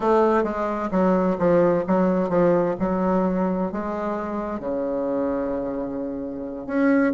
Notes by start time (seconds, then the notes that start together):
0.00 A3
0.43 G#3
0.91 F#3
1.38 F3
1.87 F#3
2.29 F3
2.79 F#3
3.72 G#3
4.59 C#3
6.67 C#4